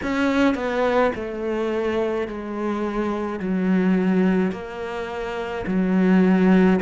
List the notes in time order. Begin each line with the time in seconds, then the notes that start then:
0.03 C#4
0.55 B3
1.15 A3
2.27 G#3
3.39 F#3
4.51 A#3
5.66 F#3